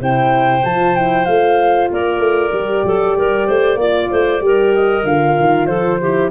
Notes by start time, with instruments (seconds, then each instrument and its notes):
0.00 tuba C3, horn E4, clarinet C5, flute G5
0.64 tuba F3, horn F4, flute A5
0.96 horn E4, flute G5
1.25 tuba A3, horn F4, flute F5
1.92 tuba A#3, clarinet A#4, flute D5
2.19 tuba A3
2.52 tuba G3, horn G4
2.84 tuba F#3, clarinet A4
3.17 tuba G3, clarinet A#4
3.47 tuba A3, clarinet C5
3.76 tuba A#3, horn F4, clarinet D5
4.11 tuba A3, clarinet C5
4.41 tuba G3, horn G4, clarinet A#4
4.74 flute D#5
5.04 tuba D3, horn F4, flute F5
5.40 tuba D#3
5.67 tuba F3, clarinet A4, flute C5
6.01 horn E4, clarinet G4